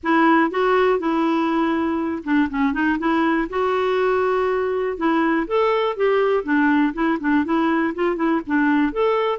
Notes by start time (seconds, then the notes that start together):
0.03 E4
0.50 F#4
0.99 E4
2.24 D4
2.50 C#4
2.73 D#4
2.98 E4
3.49 F#4
4.97 E4
5.47 A4
5.96 G4
6.43 D4
6.93 E4
7.20 D4
7.44 E4
7.95 F4
8.16 E4
8.46 D4
8.92 A4